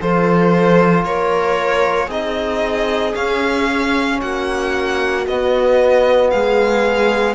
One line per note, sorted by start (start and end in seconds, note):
0.00 1.05 F3
0.00 2.09 F4
0.00 1.05 A4
0.00 1.04 C5
1.04 2.08 A#3
1.04 2.06 A#4
1.04 2.10 C#5
2.06 3.13 C4
2.06 3.14 D#4
2.06 4.16 G#4
2.06 3.14 D#5
3.14 5.24 C#4
3.14 4.21 C#4
3.14 4.20 F5
4.21 5.26 A#3
4.21 6.32 F#4
4.21 5.26 F#5
5.26 6.31 B3
5.26 7.34 B3
5.26 6.30 D#5
6.30 7.34 G#3
6.30 7.34 G#4
6.30 7.34 F5